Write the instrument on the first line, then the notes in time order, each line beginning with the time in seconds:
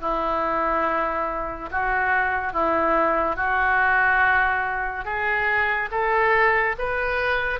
oboe
0.00 E4
1.71 F#4
2.52 E4
3.36 F#4
5.04 G#4
5.91 A4
6.78 B4